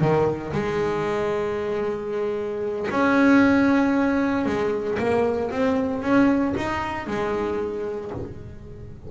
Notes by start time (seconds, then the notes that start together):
0.00 D#3
0.53 G#3
2.90 C#4
4.45 G#3
4.98 A#3
5.51 C4
6.02 C#4
6.57 D#4
7.06 G#3